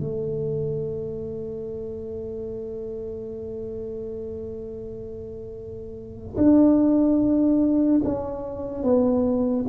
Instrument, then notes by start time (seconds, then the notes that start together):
tuba
0.00 A3
6.37 D4
8.04 C#4
8.84 B3